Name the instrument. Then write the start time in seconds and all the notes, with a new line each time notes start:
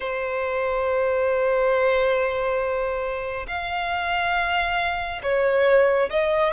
violin
0.00 C5
3.47 F5
5.22 C#5
6.10 D#5